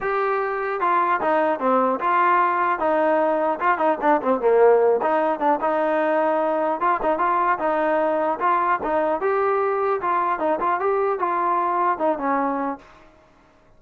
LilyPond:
\new Staff \with { instrumentName = "trombone" } { \time 4/4 \tempo 4 = 150 g'2 f'4 dis'4 | c'4 f'2 dis'4~ | dis'4 f'8 dis'8 d'8 c'8 ais4~ | ais8 dis'4 d'8 dis'2~ |
dis'4 f'8 dis'8 f'4 dis'4~ | dis'4 f'4 dis'4 g'4~ | g'4 f'4 dis'8 f'8 g'4 | f'2 dis'8 cis'4. | }